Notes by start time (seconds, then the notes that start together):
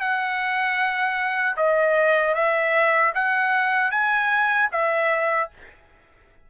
0.00 F#5
1.57 D#5
2.35 E5
3.15 F#5
3.91 G#5
4.72 E5